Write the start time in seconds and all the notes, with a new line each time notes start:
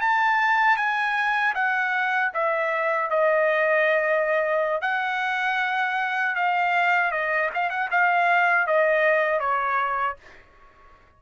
0.00 A5
0.77 G#5
1.55 F#5
2.34 E5
3.10 D#5
4.81 F#5
6.35 F5
7.11 D#5
7.54 F5
7.69 F#5
7.91 F5
8.67 D#5
9.40 C#5